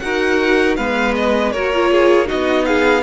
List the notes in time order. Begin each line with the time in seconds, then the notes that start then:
0.00 D#4 F#4 A#4 F#5
0.77 G#3 B3 B4 F5
1.16 D#5
1.52 A#3 F#4 A#4 C#5
1.74 F4
1.92 G#4
2.26 D#4 F#4 D#5
2.32 B3
2.66 G#4 F5